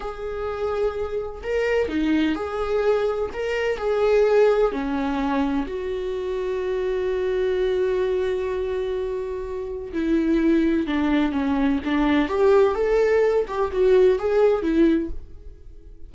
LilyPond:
\new Staff \with { instrumentName = "viola" } { \time 4/4 \tempo 4 = 127 gis'2. ais'4 | dis'4 gis'2 ais'4 | gis'2 cis'2 | fis'1~ |
fis'1~ | fis'4 e'2 d'4 | cis'4 d'4 g'4 a'4~ | a'8 g'8 fis'4 gis'4 e'4 | }